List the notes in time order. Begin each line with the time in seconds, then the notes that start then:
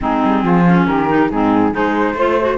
0.01 G#3 C4 D#4 G#4
0.24 G3
0.43 F3 F4
0.66 C#4
0.86 D#3 G4 A#4
1.08 D#4
1.30 G#2 C4 D#4 G#4
1.72 G#3 D#4 G#4 C5
2.13 A3 F4 C5
2.40 F#4